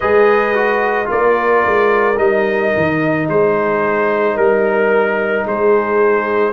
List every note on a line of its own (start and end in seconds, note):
0.00 1.10 G#3
0.00 0.55 G#4
0.00 1.08 B4
0.00 1.09 D#5
0.55 1.05 F#4
1.05 1.65 A#3
1.05 2.14 F4
1.05 3.27 A#4
1.05 2.18 D5
1.65 2.18 G#3
2.16 2.72 G3
2.16 6.52 D#4
2.16 3.27 D#5
2.76 3.28 D#3
3.28 4.36 G#3
3.28 4.35 G#4
3.28 4.37 C5
4.35 5.45 G3
4.35 5.43 A#4
4.35 5.46 A#4
5.43 6.52 G#3
5.43 6.52 G#4
5.43 6.52 C5